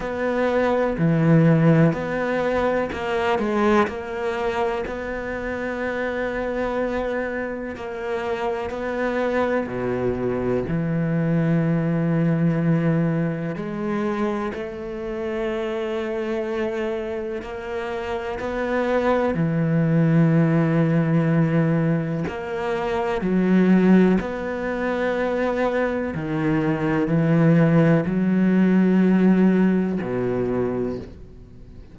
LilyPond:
\new Staff \with { instrumentName = "cello" } { \time 4/4 \tempo 4 = 62 b4 e4 b4 ais8 gis8 | ais4 b2. | ais4 b4 b,4 e4~ | e2 gis4 a4~ |
a2 ais4 b4 | e2. ais4 | fis4 b2 dis4 | e4 fis2 b,4 | }